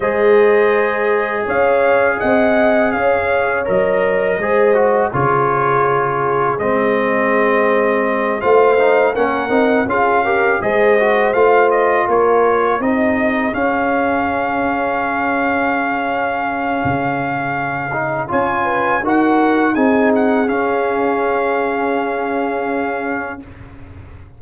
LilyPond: <<
  \new Staff \with { instrumentName = "trumpet" } { \time 4/4 \tempo 4 = 82 dis''2 f''4 fis''4 | f''4 dis''2 cis''4~ | cis''4 dis''2~ dis''8 f''8~ | f''8 fis''4 f''4 dis''4 f''8 |
dis''8 cis''4 dis''4 f''4.~ | f''1~ | f''4 gis''4 fis''4 gis''8 fis''8 | f''1 | }
  \new Staff \with { instrumentName = "horn" } { \time 4/4 c''2 cis''4 dis''4 | cis''2 c''4 gis'4~ | gis'2.~ gis'8 c''8~ | c''8 ais'4 gis'8 ais'8 c''4.~ |
c''8 ais'4 gis'2~ gis'8~ | gis'1~ | gis'4 cis''8 b'8 ais'4 gis'4~ | gis'1 | }
  \new Staff \with { instrumentName = "trombone" } { \time 4/4 gis'1~ | gis'4 ais'4 gis'8 fis'8 f'4~ | f'4 c'2~ c'8 f'8 | dis'8 cis'8 dis'8 f'8 g'8 gis'8 fis'8 f'8~ |
f'4. dis'4 cis'4.~ | cis'1~ | cis'8 dis'8 f'4 fis'4 dis'4 | cis'1 | }
  \new Staff \with { instrumentName = "tuba" } { \time 4/4 gis2 cis'4 c'4 | cis'4 fis4 gis4 cis4~ | cis4 gis2~ gis8 a8~ | a8 ais8 c'8 cis'4 gis4 a8~ |
a8 ais4 c'4 cis'4.~ | cis'2. cis4~ | cis4 cis'4 dis'4 c'4 | cis'1 | }
>>